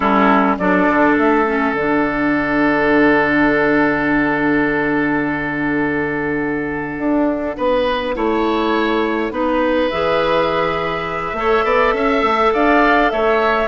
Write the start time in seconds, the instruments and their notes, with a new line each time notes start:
0.00 bassoon G3, clarinet C#4, oboe E4, flute A4
0.58 bassoon F#3, clarinet D4, oboe A4, flute D5
0.88 bassoon D3
1.17 bassoon A3, flute E5
1.46 clarinet C#4
1.73 bassoon D3, clarinet D4, flute F#5
6.98 bassoon D4
7.56 bassoon B3, oboe B4
8.15 bassoon A3, clarinet E4, oboe C#5
9.30 bassoon B3, clarinet D#4, oboe B4
9.89 bassoon E3, clarinet G#4, flute E5
11.33 bassoon A3, clarinet A4
11.39 oboe C#5
11.64 bassoon B3, oboe D5
11.93 bassoon C#4, oboe E5
12.22 bassoon A3
12.53 bassoon D4, oboe D5, flute F5
13.10 bassoon A3, oboe C#5, flute E5